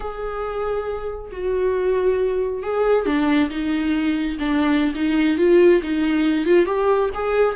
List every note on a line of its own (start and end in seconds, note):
0.00 1.31 G#4
1.31 2.63 F#4
2.63 3.06 G#4
3.06 3.49 D4
3.49 4.37 D#4
4.39 4.93 D4
4.94 5.37 D#4
5.37 5.81 F4
5.82 6.45 D#4
6.45 6.65 F4
6.65 7.09 G4
7.14 7.55 G#4